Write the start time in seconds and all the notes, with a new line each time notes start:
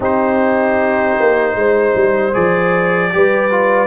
0.00 C4 D#4 G4 C5
1.19 A#3
1.55 G#3 C5
1.95 G3
2.33 F3 G#4 D5
3.12 G3 G4 B4
3.50 F4